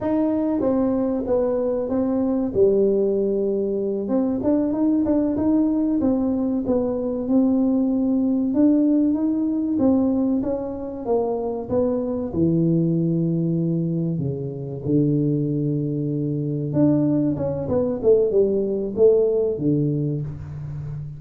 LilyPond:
\new Staff \with { instrumentName = "tuba" } { \time 4/4 \tempo 4 = 95 dis'4 c'4 b4 c'4 | g2~ g8 c'8 d'8 dis'8 | d'8 dis'4 c'4 b4 c'8~ | c'4. d'4 dis'4 c'8~ |
c'8 cis'4 ais4 b4 e8~ | e2~ e8 cis4 d8~ | d2~ d8 d'4 cis'8 | b8 a8 g4 a4 d4 | }